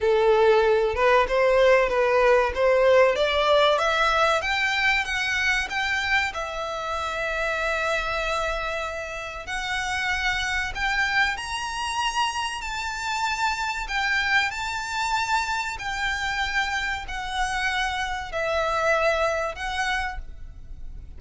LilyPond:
\new Staff \with { instrumentName = "violin" } { \time 4/4 \tempo 4 = 95 a'4. b'8 c''4 b'4 | c''4 d''4 e''4 g''4 | fis''4 g''4 e''2~ | e''2. fis''4~ |
fis''4 g''4 ais''2 | a''2 g''4 a''4~ | a''4 g''2 fis''4~ | fis''4 e''2 fis''4 | }